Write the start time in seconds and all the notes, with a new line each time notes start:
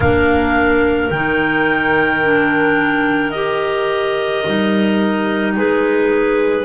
0.00 A#3 D4 A#4 F5
1.10 D#3 D#4 G5
2.24 D4
3.30 G4 D#5
4.46 G3 D#4
5.56 G#3 G#4 B4